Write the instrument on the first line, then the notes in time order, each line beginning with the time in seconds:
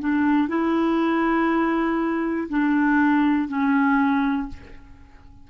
clarinet
0.00 D4
0.48 E4
2.50 D4
3.48 C#4